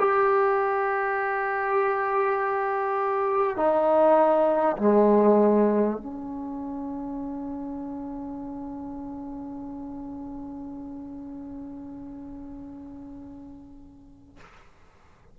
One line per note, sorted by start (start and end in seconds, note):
0.00 3.57 G4
3.57 4.77 D#4
4.78 5.98 G#3
5.98 14.38 C#4